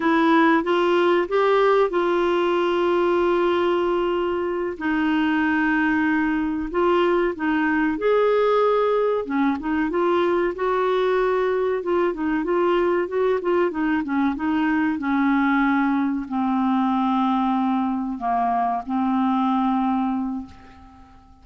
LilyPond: \new Staff \with { instrumentName = "clarinet" } { \time 4/4 \tempo 4 = 94 e'4 f'4 g'4 f'4~ | f'2.~ f'8 dis'8~ | dis'2~ dis'8 f'4 dis'8~ | dis'8 gis'2 cis'8 dis'8 f'8~ |
f'8 fis'2 f'8 dis'8 f'8~ | f'8 fis'8 f'8 dis'8 cis'8 dis'4 cis'8~ | cis'4. c'2~ c'8~ | c'8 ais4 c'2~ c'8 | }